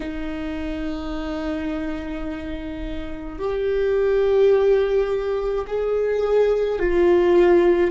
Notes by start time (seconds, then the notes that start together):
0.00 D#4
3.39 G4
5.67 G#4
6.79 F4